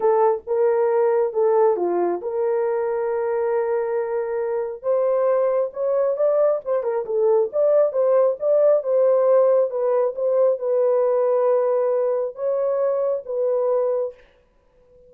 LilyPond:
\new Staff \with { instrumentName = "horn" } { \time 4/4 \tempo 4 = 136 a'4 ais'2 a'4 | f'4 ais'2.~ | ais'2. c''4~ | c''4 cis''4 d''4 c''8 ais'8 |
a'4 d''4 c''4 d''4 | c''2 b'4 c''4 | b'1 | cis''2 b'2 | }